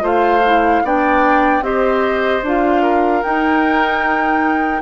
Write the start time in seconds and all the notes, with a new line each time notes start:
0.00 A3 F4 C5
0.06 F5
0.46 E4
0.84 B3 D4 D5 G5
1.61 C4 G4 C5 D#5
2.43 D4 F4 F5
2.82 A#4
3.23 D#4 G5